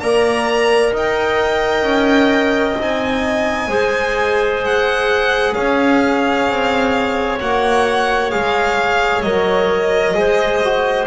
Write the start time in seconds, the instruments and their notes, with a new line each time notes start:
0.00 double bass A#3, trombone A#4, clarinet D5, violin A#5
0.92 double bass D#4, clarinet D#5, violin G5
1.82 double bass C#4
2.79 double bass C4, trombone D#4, violin G#5
3.67 double bass G#3, trombone G#4, clarinet C5
4.64 violin F#5
5.54 double bass C#4, clarinet C#5, violin F5
6.49 double bass C4
7.40 double bass A#3, trombone F#4, violin F#5
8.31 double bass G#3, trombone G#4, violin F5
9.22 double bass F#3, trombone A#4, violin D#5
10.14 double bass G#3, trombone G#4, clarinet C5
10.64 trombone F#4